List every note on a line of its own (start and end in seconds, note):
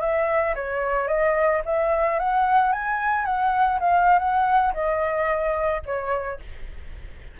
0.00 0.54 E5
0.55 1.07 C#5
1.07 1.61 D#5
1.65 2.19 E5
2.19 2.72 F#5
2.72 3.25 G#5
3.25 3.79 F#5
3.80 4.18 F5
4.18 4.72 F#5
4.73 5.81 D#5
5.85 6.39 C#5